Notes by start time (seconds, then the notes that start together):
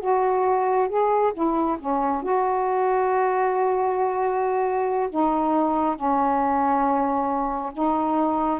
0.00 F#4
0.88 G#4
1.33 E4
1.79 C#4
2.22 F#4
5.09 D#4
5.96 C#4
7.73 D#4